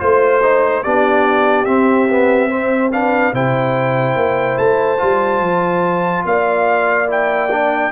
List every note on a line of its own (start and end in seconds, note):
0.00 0.85 A3
0.00 0.42 F4
0.00 0.83 C5
0.00 0.84 C5
0.43 0.85 D#4
0.84 1.66 B3
0.84 1.67 D4
0.84 2.50 G4
0.84 1.66 D5
1.66 3.33 C4
1.66 2.09 C4
1.66 2.91 E5
2.10 2.51 B3
2.50 2.92 C4
2.50 2.91 C5
2.92 3.34 D4
2.92 3.34 B4
2.92 3.34 F5
3.33 4.16 C3
3.33 4.98 E4
3.33 6.26 C5
3.33 4.58 G5
4.16 4.57 A#3
4.58 5.01 A3
4.58 6.25 A5
4.98 5.41 G3
4.98 7.07 F4
5.41 6.24 F3
6.25 7.92 A#3
6.25 7.93 D5
6.25 7.10 F5
7.08 7.49 E4
7.08 7.93 G5
7.51 7.93 D4